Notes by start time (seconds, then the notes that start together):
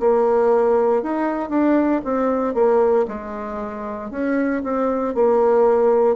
0.00 A#3
1.03 D#4
1.50 D4
2.05 C4
2.55 A#3
3.08 G#3
4.11 C#4
4.64 C4
5.15 A#3